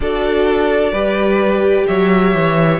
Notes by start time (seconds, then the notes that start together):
0.00 D4 F#4 A4 D5
0.92 G3 G4 B4
1.87 F#3 C#5 E5
2.34 E3